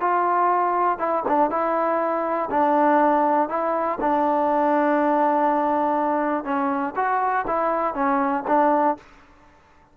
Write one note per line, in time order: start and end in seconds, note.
0.00 0.98 F4
0.98 1.23 E4
1.28 1.50 D4
1.50 2.49 E4
2.50 3.49 D4
3.49 3.98 E4
4.01 6.44 D4
6.44 6.93 C#4
6.96 7.45 F#4
7.47 7.94 E4
7.94 8.43 C#4
8.47 8.97 D4